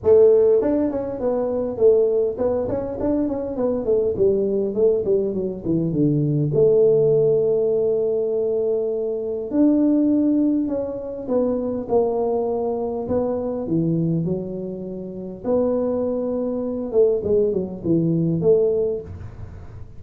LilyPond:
\new Staff \with { instrumentName = "tuba" } { \time 4/4 \tempo 4 = 101 a4 d'8 cis'8 b4 a4 | b8 cis'8 d'8 cis'8 b8 a8 g4 | a8 g8 fis8 e8 d4 a4~ | a1 |
d'2 cis'4 b4 | ais2 b4 e4 | fis2 b2~ | b8 a8 gis8 fis8 e4 a4 | }